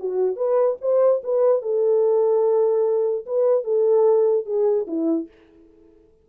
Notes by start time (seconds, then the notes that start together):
0.00 F#4
0.37 B4
0.81 C5
1.24 B4
1.63 A4
3.26 B4
3.65 A4
4.46 G#4
4.88 E4